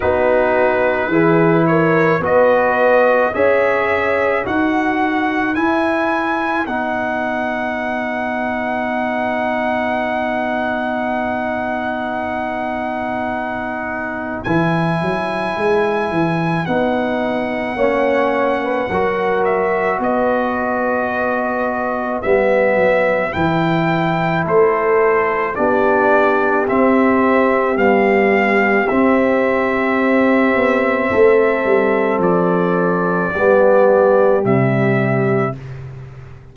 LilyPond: <<
  \new Staff \with { instrumentName = "trumpet" } { \time 4/4 \tempo 4 = 54 b'4. cis''8 dis''4 e''4 | fis''4 gis''4 fis''2~ | fis''1~ | fis''4 gis''2 fis''4~ |
fis''4. e''8 dis''2 | e''4 g''4 c''4 d''4 | e''4 f''4 e''2~ | e''4 d''2 e''4 | }
  \new Staff \with { instrumentName = "horn" } { \time 4/4 fis'4 gis'8 ais'8 b'4 cis''4 | b'1~ | b'1~ | b'1 |
cis''8. b'16 ais'4 b'2~ | b'2 a'4 g'4~ | g'1 | a'2 g'2 | }
  \new Staff \with { instrumentName = "trombone" } { \time 4/4 dis'4 e'4 fis'4 gis'4 | fis'4 e'4 dis'2~ | dis'1~ | dis'4 e'2 dis'4 |
cis'4 fis'2. | b4 e'2 d'4 | c'4 g4 c'2~ | c'2 b4 g4 | }
  \new Staff \with { instrumentName = "tuba" } { \time 4/4 b4 e4 b4 cis'4 | dis'4 e'4 b2~ | b1~ | b4 e8 fis8 gis8 e8 b4 |
ais4 fis4 b2 | g8 fis8 e4 a4 b4 | c'4 b4 c'4. b8 | a8 g8 f4 g4 c4 | }
>>